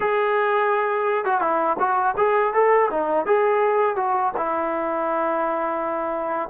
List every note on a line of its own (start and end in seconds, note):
0.00 1.24 G#4
1.24 1.40 F#4
1.40 1.76 E4
1.79 2.15 F#4
2.17 2.53 G#4
2.53 2.89 A4
2.90 3.25 D#4
3.25 3.96 G#4
3.96 4.32 F#4
4.36 6.49 E4